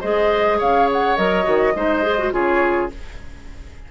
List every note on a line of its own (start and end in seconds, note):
0.00 0.60 G#3
0.00 1.16 G#4
0.00 0.58 C5
0.00 0.58 D#5
0.58 1.17 C#3
0.58 1.73 C#5
0.58 0.89 F5
0.92 1.16 F#5
1.16 1.46 F#3
1.16 1.43 A#4
1.16 2.31 D#5
1.43 1.75 D#3
1.43 1.72 F#4
1.75 2.31 G#3
1.75 2.02 D#4
1.75 2.33 C5
2.02 2.17 G#4
2.18 2.31 F#4
2.31 2.89 C#3
2.31 2.89 F4
2.31 2.91 G#4
2.31 2.90 C#5